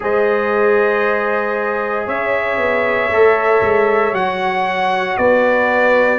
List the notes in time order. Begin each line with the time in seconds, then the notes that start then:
0.00 G#3 G#4 C5 D#5
2.06 C#4 C#5 E5
2.57 B3
3.09 A3 A4
3.61 G#3
4.12 F#3 F#4 F#5
5.17 B3 B4 D5